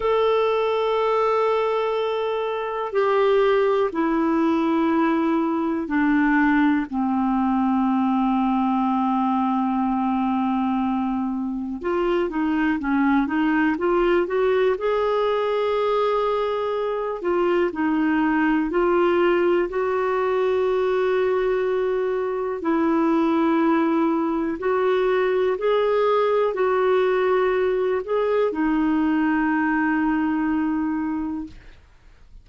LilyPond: \new Staff \with { instrumentName = "clarinet" } { \time 4/4 \tempo 4 = 61 a'2. g'4 | e'2 d'4 c'4~ | c'1 | f'8 dis'8 cis'8 dis'8 f'8 fis'8 gis'4~ |
gis'4. f'8 dis'4 f'4 | fis'2. e'4~ | e'4 fis'4 gis'4 fis'4~ | fis'8 gis'8 dis'2. | }